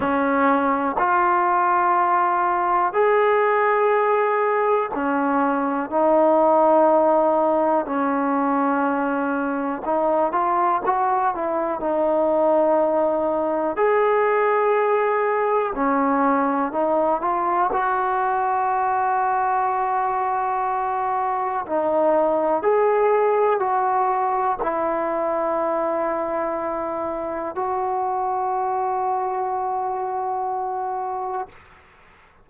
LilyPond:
\new Staff \with { instrumentName = "trombone" } { \time 4/4 \tempo 4 = 61 cis'4 f'2 gis'4~ | gis'4 cis'4 dis'2 | cis'2 dis'8 f'8 fis'8 e'8 | dis'2 gis'2 |
cis'4 dis'8 f'8 fis'2~ | fis'2 dis'4 gis'4 | fis'4 e'2. | fis'1 | }